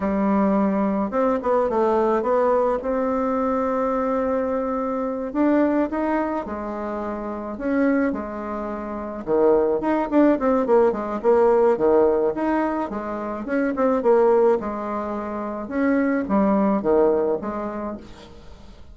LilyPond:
\new Staff \with { instrumentName = "bassoon" } { \time 4/4 \tempo 4 = 107 g2 c'8 b8 a4 | b4 c'2.~ | c'4. d'4 dis'4 gis8~ | gis4. cis'4 gis4.~ |
gis8 dis4 dis'8 d'8 c'8 ais8 gis8 | ais4 dis4 dis'4 gis4 | cis'8 c'8 ais4 gis2 | cis'4 g4 dis4 gis4 | }